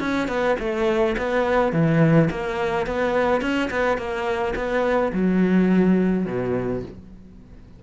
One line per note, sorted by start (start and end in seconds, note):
0.00 0.28 C#4
0.29 0.57 B3
0.60 1.16 A3
1.18 1.73 B3
1.73 2.30 E3
2.31 2.87 A#3
2.87 3.42 B3
3.42 3.70 C#4
3.71 3.98 B3
3.98 4.54 A#3
4.56 5.13 B3
5.13 6.27 F#3
6.27 6.83 B2